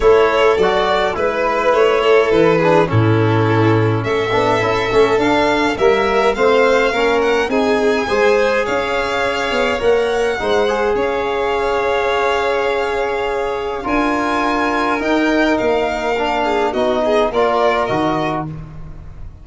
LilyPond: <<
  \new Staff \with { instrumentName = "violin" } { \time 4/4 \tempo 4 = 104 cis''4 d''4 b'4 cis''4 | b'4 a'2 e''4~ | e''4 f''4 e''4 f''4~ | f''8 fis''8 gis''2 f''4~ |
f''4 fis''2 f''4~ | f''1 | gis''2 g''4 f''4~ | f''4 dis''4 d''4 dis''4 | }
  \new Staff \with { instrumentName = "violin" } { \time 4/4 a'2 b'4. a'8~ | a'8 gis'8 e'2 a'4~ | a'2 ais'4 c''4 | ais'4 gis'4 c''4 cis''4~ |
cis''2 c''4 cis''4~ | cis''1 | ais'1~ | ais'8 gis'8 fis'8 gis'8 ais'2 | }
  \new Staff \with { instrumentName = "trombone" } { \time 4/4 e'4 fis'4 e'2~ | e'8 d'8 cis'2~ cis'8 d'8 | e'8 cis'8 d'4 ais4 c'4 | cis'4 dis'4 gis'2~ |
gis'4 ais'4 dis'8 gis'4.~ | gis'1 | f'2 dis'2 | d'4 dis'4 f'4 fis'4 | }
  \new Staff \with { instrumentName = "tuba" } { \time 4/4 a4 fis4 gis4 a4 | e4 a,2 a8 b8 | cis'8 a8 d'4 g4 a4 | ais4 c'4 gis4 cis'4~ |
cis'8 b8 ais4 gis4 cis'4~ | cis'1 | d'2 dis'4 ais4~ | ais4 b4 ais4 dis4 | }
>>